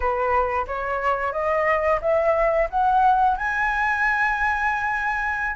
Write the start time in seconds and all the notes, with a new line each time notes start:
0.00 B4
0.67 C#5
1.32 D#5
2.01 E5
2.70 F#5
3.37 G#5